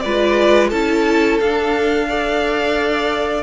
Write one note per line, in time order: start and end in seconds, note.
0.00 0.72 G#3
0.00 0.72 F4
0.00 0.70 B4
0.00 0.68 D5
0.70 1.40 C#4
0.70 1.40 E4
0.70 2.06 A4
0.70 1.38 A5
1.40 3.43 D4
1.40 2.09 D4
1.40 3.43 F5
2.09 3.43 A4
2.09 3.43 D5